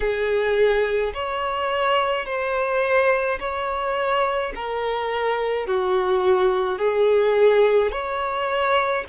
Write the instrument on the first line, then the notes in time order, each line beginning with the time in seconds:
violin
0.00 G#4
1.14 C#5
2.25 C5
3.40 C#5
4.55 A#4
5.66 F#4
6.78 G#4
7.91 C#5